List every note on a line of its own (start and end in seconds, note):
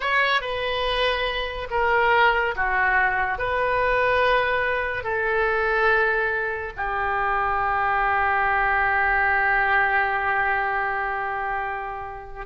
0.00 0.41 C#5
0.41 1.67 B4
1.70 2.54 A#4
2.55 3.38 F#4
3.38 5.03 B4
5.03 6.72 A4
6.76 12.46 G4